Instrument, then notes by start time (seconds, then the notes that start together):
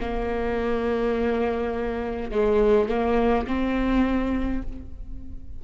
viola
0.00 A#3
2.31 G#3
2.89 A#3
3.47 C4